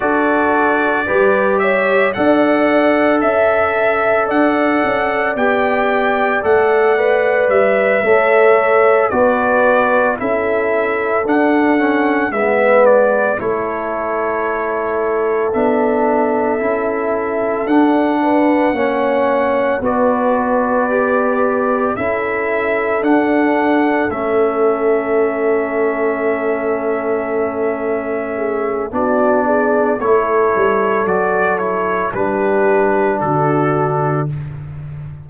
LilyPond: <<
  \new Staff \with { instrumentName = "trumpet" } { \time 4/4 \tempo 4 = 56 d''4. e''8 fis''4 e''4 | fis''4 g''4 fis''4 e''4~ | e''8 d''4 e''4 fis''4 e''8 | d''8 cis''2 e''4.~ |
e''8 fis''2 d''4.~ | d''8 e''4 fis''4 e''4.~ | e''2. d''4 | cis''4 d''8 cis''8 b'4 a'4 | }
  \new Staff \with { instrumentName = "horn" } { \time 4/4 a'4 b'8 cis''8 d''4 e''4 | d''2.~ d''8 cis''8~ | cis''8 b'4 a'2 b'8~ | b'8 a'2.~ a'8~ |
a'4 b'8 cis''4 b'4.~ | b'8 a'2.~ a'8~ | a'2~ a'8 gis'8 fis'8 gis'8 | a'2 g'4 fis'4 | }
  \new Staff \with { instrumentName = "trombone" } { \time 4/4 fis'4 g'4 a'2~ | a'4 g'4 a'8 b'4 a'8~ | a'8 fis'4 e'4 d'8 cis'8 b8~ | b8 e'2 d'4 e'8~ |
e'8 d'4 cis'4 fis'4 g'8~ | g'8 e'4 d'4 cis'4.~ | cis'2. d'4 | e'4 fis'8 e'8 d'2 | }
  \new Staff \with { instrumentName = "tuba" } { \time 4/4 d'4 g4 d'4 cis'4 | d'8 cis'8 b4 a4 g8 a8~ | a8 b4 cis'4 d'4 gis8~ | gis8 a2 b4 cis'8~ |
cis'8 d'4 ais4 b4.~ | b8 cis'4 d'4 a4.~ | a2. b4 | a8 g8 fis4 g4 d4 | }
>>